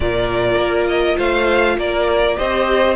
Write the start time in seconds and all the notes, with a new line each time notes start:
0.00 A#2 F4 A#4 D5
0.56 A#3
0.87 D#5
1.16 A3 C5 F5
1.77 A#3 A#4 D5
2.36 C4 G4 C5 D#5